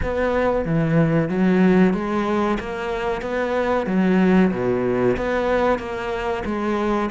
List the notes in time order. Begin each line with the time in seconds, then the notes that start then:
0.02 B3
0.65 E3
1.29 F#3
1.93 G#3
2.59 A#3
3.21 B3
3.86 F#3
4.51 B2
5.16 B3
5.78 A#3
6.45 G#3